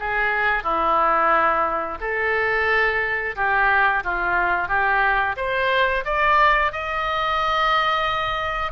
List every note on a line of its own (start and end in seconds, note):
0.00 0.64 G#4
0.64 1.99 E4
2.01 3.36 A4
3.36 4.04 G4
4.04 4.69 F4
4.69 5.36 G4
5.37 6.04 C5
6.05 6.73 D5
6.73 8.72 D#5